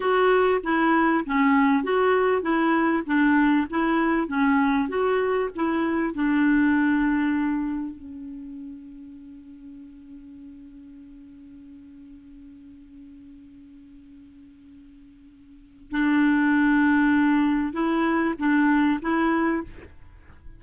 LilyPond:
\new Staff \with { instrumentName = "clarinet" } { \time 4/4 \tempo 4 = 98 fis'4 e'4 cis'4 fis'4 | e'4 d'4 e'4 cis'4 | fis'4 e'4 d'2~ | d'4 cis'2.~ |
cis'1~ | cis'1~ | cis'2 d'2~ | d'4 e'4 d'4 e'4 | }